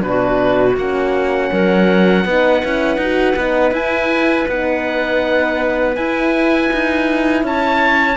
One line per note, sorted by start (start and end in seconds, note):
0.00 0.76 B2
0.00 0.74 D4
0.00 0.76 B4
0.08 1.50 F#4
0.76 1.50 A#3
0.76 2.28 C#4
0.76 3.74 F#5
1.50 2.25 F#3
1.50 2.24 A#4
2.25 2.62 B3
2.25 2.63 D#4
2.25 7.44 B4
2.63 2.97 C#4
2.63 3.00 E4
2.97 3.34 D#4
2.97 3.38 F#4
3.35 3.71 B3
3.35 3.74 D#4
3.71 4.45 E4
3.71 4.48 E4
3.71 4.48 G#5
4.48 5.96 B3
4.48 5.97 D#4
4.48 5.96 F#5
5.96 6.70 E4
5.96 8.17 E4
5.96 7.44 G#5
6.73 7.43 D#4
7.43 8.17 C#4
7.43 8.17 C#5
7.43 8.17 A5